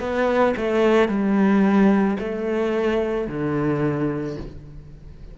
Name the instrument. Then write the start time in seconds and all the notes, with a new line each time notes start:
cello
0.00 B3
0.57 A3
1.08 G3
2.19 A3
3.28 D3